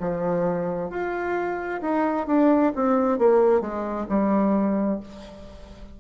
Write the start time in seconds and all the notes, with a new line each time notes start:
0.00 F3
0.90 F4
1.81 D#4
2.27 D4
2.75 C4
3.19 A#3
3.61 G#3
4.09 G3